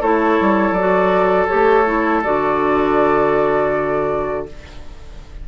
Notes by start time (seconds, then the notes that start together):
0.00 A3 E4 A4 C#5
0.40 G3
0.71 F#3 D5
0.79 F#4
1.47 A3 G4 C#5
1.85 E4
2.23 D3 F#4 D5